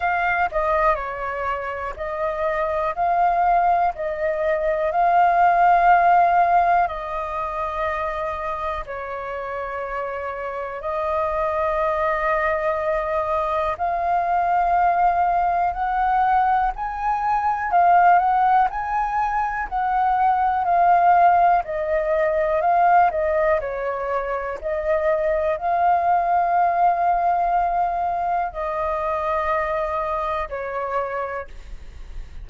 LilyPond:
\new Staff \with { instrumentName = "flute" } { \time 4/4 \tempo 4 = 61 f''8 dis''8 cis''4 dis''4 f''4 | dis''4 f''2 dis''4~ | dis''4 cis''2 dis''4~ | dis''2 f''2 |
fis''4 gis''4 f''8 fis''8 gis''4 | fis''4 f''4 dis''4 f''8 dis''8 | cis''4 dis''4 f''2~ | f''4 dis''2 cis''4 | }